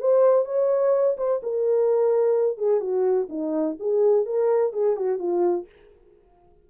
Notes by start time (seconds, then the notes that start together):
0.00 C5
0.45 C#5
1.17 C5
1.43 A#4
2.57 G#4
2.80 F#4
3.29 D#4
3.79 G#4
4.25 A#4
4.73 G#4
4.96 F#4
5.19 F4